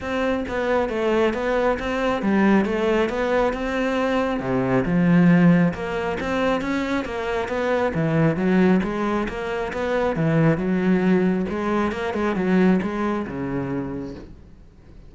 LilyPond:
\new Staff \with { instrumentName = "cello" } { \time 4/4 \tempo 4 = 136 c'4 b4 a4 b4 | c'4 g4 a4 b4 | c'2 c4 f4~ | f4 ais4 c'4 cis'4 |
ais4 b4 e4 fis4 | gis4 ais4 b4 e4 | fis2 gis4 ais8 gis8 | fis4 gis4 cis2 | }